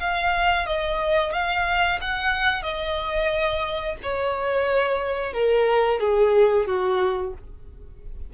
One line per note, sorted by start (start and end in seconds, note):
0.00 0.66 F5
0.66 1.33 D#5
1.33 1.99 F5
2.01 2.63 F#5
2.63 3.96 D#5
4.02 5.33 C#5
5.33 6.00 A#4
6.00 6.66 G#4
6.67 7.33 F#4